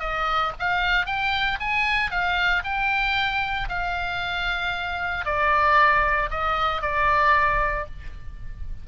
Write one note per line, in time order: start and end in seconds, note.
0.00 0.52 D#5
0.60 1.07 F5
1.07 1.59 G5
1.61 2.11 G#5
2.11 2.63 F5
2.64 3.69 G5
3.69 5.26 F5
5.26 6.30 D5
6.31 6.82 D#5
6.82 7.86 D5